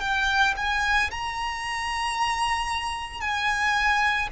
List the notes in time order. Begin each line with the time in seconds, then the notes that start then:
0.00 G5
0.56 G#5
1.11 A#5
3.21 G#5